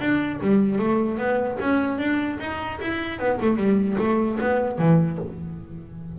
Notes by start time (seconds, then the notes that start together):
0.00 D4
0.41 G3
0.78 A3
1.18 B3
1.60 C#4
1.98 D4
2.39 D#4
2.81 E4
3.19 B3
3.41 A3
3.57 G3
3.98 A3
4.41 B3
4.78 E3